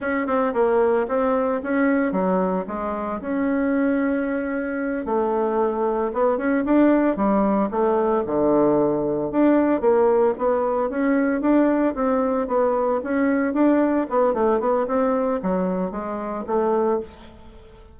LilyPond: \new Staff \with { instrumentName = "bassoon" } { \time 4/4 \tempo 4 = 113 cis'8 c'8 ais4 c'4 cis'4 | fis4 gis4 cis'2~ | cis'4. a2 b8 | cis'8 d'4 g4 a4 d8~ |
d4. d'4 ais4 b8~ | b8 cis'4 d'4 c'4 b8~ | b8 cis'4 d'4 b8 a8 b8 | c'4 fis4 gis4 a4 | }